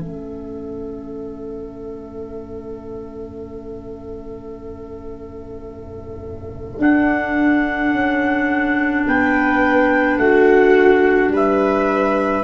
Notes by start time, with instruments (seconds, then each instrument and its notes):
0.00 tuba A3, clarinet C#4, viola A4, trumpet E5
6.79 tuba D4, clarinet D4, trumpet F#5
7.92 tuba C#4
9.07 tuba B3, viola B4, trumpet G5
10.18 tuba A3, viola F#4, trumpet F#5
11.29 tuba G3, viola B4
11.36 trumpet E5